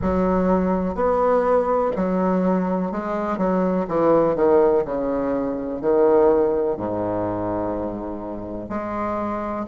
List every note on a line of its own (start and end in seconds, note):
0.01 0.95 F#3
0.95 1.91 B3
1.96 2.91 F#3
2.91 3.37 G#3
3.37 3.86 F#3
3.88 4.35 E3
4.35 4.84 D#3
4.84 5.81 C#3
5.81 6.77 D#3
6.77 8.69 G#2
8.69 9.66 G#3